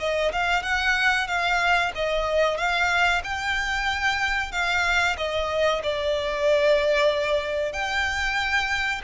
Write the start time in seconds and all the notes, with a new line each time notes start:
0.00 D#5
0.33 F5
0.63 F#5
1.28 F5
1.95 D#5
2.58 F5
3.24 G5
4.52 F5
5.18 D#5
5.84 D5
7.73 G5